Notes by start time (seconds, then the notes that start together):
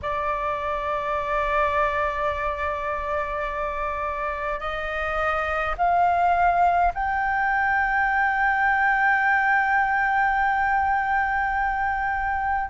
0.02 D5
4.59 D#5
5.77 F5
6.93 G5